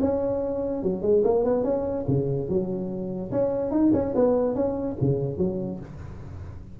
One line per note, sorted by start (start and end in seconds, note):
0.00 0.83 C#4
0.83 1.02 F#3
1.02 1.23 G#3
1.24 1.44 A#3
1.44 1.63 B3
1.63 2.05 C#4
2.07 2.48 C#3
2.48 3.31 F#3
3.31 3.71 C#4
3.71 3.91 D#4
3.93 4.14 C#4
4.15 4.54 B3
4.54 4.96 C#4
5.01 5.38 C#3
5.38 5.79 F#3